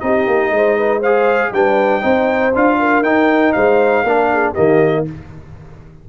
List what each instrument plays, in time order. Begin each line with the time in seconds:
0.00 tuba C4, trombone D#4, horn G4, trumpet D#5
0.27 tuba A#3
0.51 tuba G#3, horn C5
0.78 horn B4
1.00 trombone G#4, horn C5, trumpet F5
1.52 tuba G3, trombone D4, horn B4, trumpet G5
2.02 tuba C4, trombone D#4, horn C5
2.55 tuba D4, trombone F4, trumpet F5
2.79 horn A#4
3.02 tuba D#4, trombone D#4, trumpet G5
3.53 tuba G#3, horn C5, trumpet F5
4.04 tuba A#3, trombone D4, horn A#4
4.33 horn G#4
4.53 tuba D#3, trombone A#3, horn G4, trumpet D#5